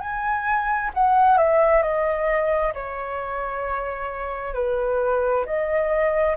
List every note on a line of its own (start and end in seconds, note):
0.00 0.91 G#5
0.94 1.38 F#5
1.38 1.83 E5
1.83 2.74 D#5
2.74 4.55 C#5
4.55 5.45 B4
5.46 6.37 D#5